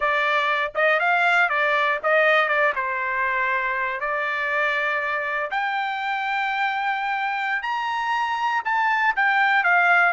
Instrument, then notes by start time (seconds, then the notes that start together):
trumpet
0.00 D5
0.74 D#5
0.99 F5
1.49 D5
2.03 D#5
2.48 D5
2.75 C5
4.00 D5
5.50 G5
7.62 A#5
8.65 A5
9.16 G5
9.63 F5